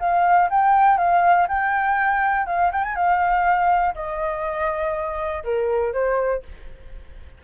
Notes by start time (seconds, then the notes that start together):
0.00 F5
0.50 G5
0.98 F5
1.49 G5
2.47 F5
2.72 G5
2.84 G#5
2.95 F5
3.95 D#5
5.44 A#4
5.93 C5